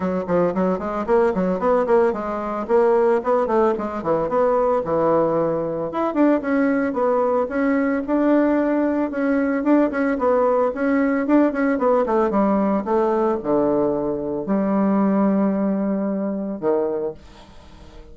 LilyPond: \new Staff \with { instrumentName = "bassoon" } { \time 4/4 \tempo 4 = 112 fis8 f8 fis8 gis8 ais8 fis8 b8 ais8 | gis4 ais4 b8 a8 gis8 e8 | b4 e2 e'8 d'8 | cis'4 b4 cis'4 d'4~ |
d'4 cis'4 d'8 cis'8 b4 | cis'4 d'8 cis'8 b8 a8 g4 | a4 d2 g4~ | g2. dis4 | }